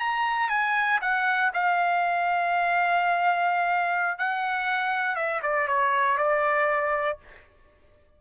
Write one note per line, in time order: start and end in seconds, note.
0.00 0.50 A#5
0.50 1.00 G#5
1.02 1.52 F#5
1.54 4.19 F5
4.19 5.16 F#5
5.16 5.41 E5
5.43 5.68 D5
5.68 6.18 C#5
6.18 7.19 D5